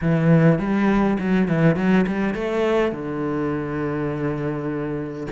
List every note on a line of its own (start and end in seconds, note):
0.01 0.59 E3
0.59 1.17 G3
1.19 1.48 F#3
1.48 1.76 E3
1.76 2.05 F#3
2.06 2.34 G3
2.34 2.92 A3
2.92 5.27 D3